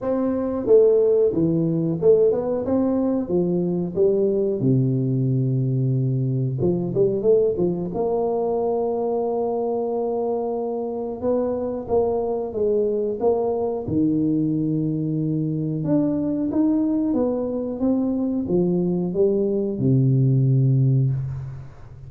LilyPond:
\new Staff \with { instrumentName = "tuba" } { \time 4/4 \tempo 4 = 91 c'4 a4 e4 a8 b8 | c'4 f4 g4 c4~ | c2 f8 g8 a8 f8 | ais1~ |
ais4 b4 ais4 gis4 | ais4 dis2. | d'4 dis'4 b4 c'4 | f4 g4 c2 | }